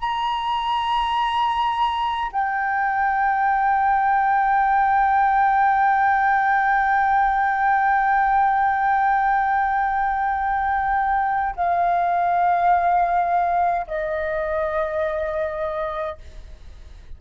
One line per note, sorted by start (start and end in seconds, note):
0.00 2.31 A#5
2.32 11.55 G5
11.55 13.86 F5
13.87 16.17 D#5